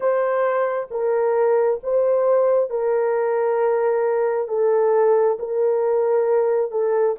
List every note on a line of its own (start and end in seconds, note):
0.00 0.88 C5
0.90 1.80 A#4
1.83 2.69 C5
2.69 4.48 A#4
4.48 5.37 A4
5.39 6.71 A#4
6.71 7.16 A4